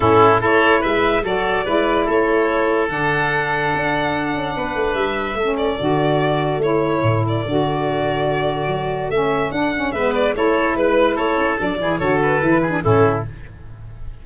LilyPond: <<
  \new Staff \with { instrumentName = "violin" } { \time 4/4 \tempo 4 = 145 a'4 cis''4 e''4 d''4~ | d''4 cis''2 fis''4~ | fis''1 | e''4. d''2~ d''8 |
cis''4. d''2~ d''8~ | d''2 e''4 fis''4 | e''8 d''8 cis''4 b'4 cis''4 | d''4 cis''8 b'4. a'4 | }
  \new Staff \with { instrumentName = "oboe" } { \time 4/4 e'4 a'4 b'4 a'4 | b'4 a'2.~ | a'2. b'4~ | b'4 a'2.~ |
a'1~ | a'1 | b'4 a'4 b'4 a'4~ | a'8 gis'8 a'4. gis'8 e'4 | }
  \new Staff \with { instrumentName = "saxophone" } { \time 4/4 cis'4 e'2 fis'4 | e'2. d'4~ | d'1~ | d'4 cis'4 fis'2 |
e'2 fis'2~ | fis'2 cis'4 d'8 cis'8 | b4 e'2. | d'8 e'8 fis'4 e'8. d'16 cis'4 | }
  \new Staff \with { instrumentName = "tuba" } { \time 4/4 a,4 a4 gis4 fis4 | gis4 a2 d4~ | d4 d'4. cis'8 b8 a8 | g4 a4 d2 |
a4 a,4 d2~ | d4 fis4 a4 d'4 | gis4 a4 gis4 a8 cis'8 | fis8 e8 d4 e4 a,4 | }
>>